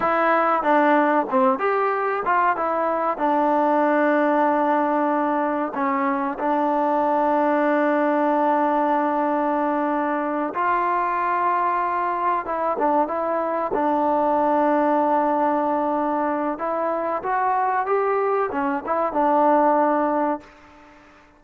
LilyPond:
\new Staff \with { instrumentName = "trombone" } { \time 4/4 \tempo 4 = 94 e'4 d'4 c'8 g'4 f'8 | e'4 d'2.~ | d'4 cis'4 d'2~ | d'1~ |
d'8 f'2. e'8 | d'8 e'4 d'2~ d'8~ | d'2 e'4 fis'4 | g'4 cis'8 e'8 d'2 | }